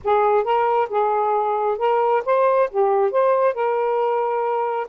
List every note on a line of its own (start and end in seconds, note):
0.04 0.44 G#4
0.44 0.88 A#4
0.89 1.78 G#4
1.78 2.22 A#4
2.25 2.69 C5
2.70 3.11 G4
3.11 3.53 C5
3.53 4.87 A#4